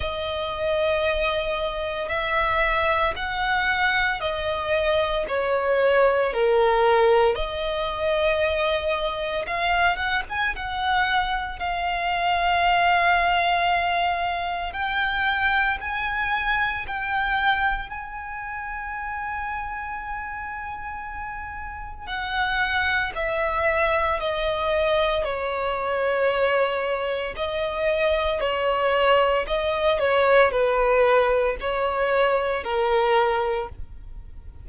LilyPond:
\new Staff \with { instrumentName = "violin" } { \time 4/4 \tempo 4 = 57 dis''2 e''4 fis''4 | dis''4 cis''4 ais'4 dis''4~ | dis''4 f''8 fis''16 gis''16 fis''4 f''4~ | f''2 g''4 gis''4 |
g''4 gis''2.~ | gis''4 fis''4 e''4 dis''4 | cis''2 dis''4 cis''4 | dis''8 cis''8 b'4 cis''4 ais'4 | }